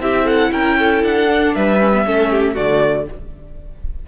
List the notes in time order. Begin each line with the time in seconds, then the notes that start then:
0.00 C4 E4 G4 E5
0.25 A4 F#5
0.52 C#4 A#4 G5
0.79 A4
1.04 D4 F#5
1.28 D4
1.55 G3 B4 E5
1.80 C#4
1.94 B3
2.06 A3 C#4 A4
2.31 G4
2.55 D3 A3 F#4 D5